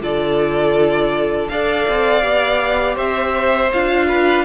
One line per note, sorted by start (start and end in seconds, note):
0.00 1.49 D3
0.00 1.48 F4
0.00 1.51 A4
0.00 1.48 D5
1.48 1.87 D4
1.48 2.21 A4
1.48 2.95 D5
1.48 2.97 F5
1.88 2.23 C4
2.21 2.96 B3
2.21 3.69 G4
2.95 3.71 C4
2.95 4.06 C5
2.95 3.72 E5
3.73 4.45 D4
3.73 4.45 F4
3.73 4.45 F5
4.08 4.45 B4